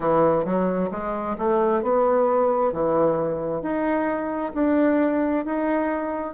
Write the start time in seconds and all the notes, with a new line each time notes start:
0.00 E3
0.44 F#3
0.91 G#3
1.38 A3
1.82 B3
2.72 E3
3.62 D#4
4.54 D4
5.45 D#4